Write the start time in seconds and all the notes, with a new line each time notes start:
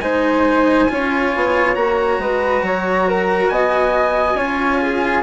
0.00 G#3 D#4 C5 G#5
0.89 C#4 F4 C#5
1.36 B3
1.75 A#3 F#4 A#5
2.19 G#3 B4
2.62 F#3 C#5
3.09 A#4
3.49 B3 D#5 G#5
4.35 C#4 F4 C#5
4.82 G#4